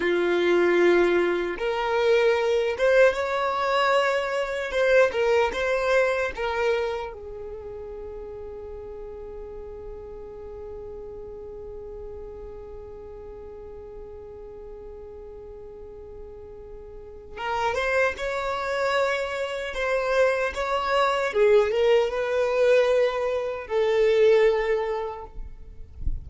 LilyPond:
\new Staff \with { instrumentName = "violin" } { \time 4/4 \tempo 4 = 76 f'2 ais'4. c''8 | cis''2 c''8 ais'8 c''4 | ais'4 gis'2.~ | gis'1~ |
gis'1~ | gis'2 ais'8 c''8 cis''4~ | cis''4 c''4 cis''4 gis'8 ais'8 | b'2 a'2 | }